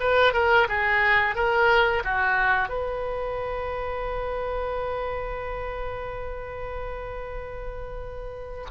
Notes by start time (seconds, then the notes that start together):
0.00 B4
0.33 A#4
0.68 G#4
1.35 A#4
2.04 F#4
2.69 B4